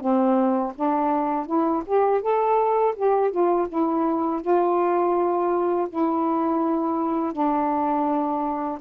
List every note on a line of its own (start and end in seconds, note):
0.00 0.73 C4
0.75 1.46 D4
1.46 1.83 E4
1.86 2.21 G4
2.21 2.94 A4
2.96 3.31 G4
3.31 3.67 F4
3.68 4.41 E4
4.41 5.87 F4
5.89 7.32 E4
7.32 8.78 D4